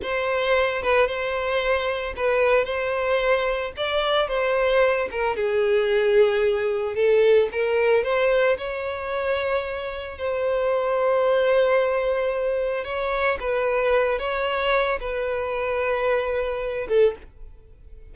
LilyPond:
\new Staff \with { instrumentName = "violin" } { \time 4/4 \tempo 4 = 112 c''4. b'8 c''2 | b'4 c''2 d''4 | c''4. ais'8 gis'2~ | gis'4 a'4 ais'4 c''4 |
cis''2. c''4~ | c''1 | cis''4 b'4. cis''4. | b'2.~ b'8 a'8 | }